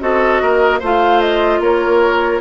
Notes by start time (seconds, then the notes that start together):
0.00 C4 F#4 A4 D#5
0.41 A#3 A#4
0.80 A3 F4 C5 F5
1.21 D#5
1.60 A#3 A#4 C#5